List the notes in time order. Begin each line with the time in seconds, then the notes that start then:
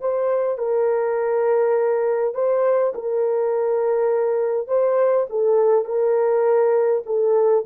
0.00 C5
0.58 A#4
2.34 C5
2.94 A#4
4.67 C5
5.29 A4
5.85 A#4
7.06 A4